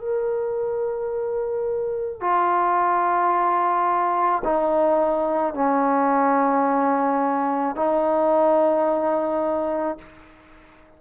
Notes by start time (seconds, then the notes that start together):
0.00 A#4
2.21 F4
4.45 D#4
5.55 C#4
7.76 D#4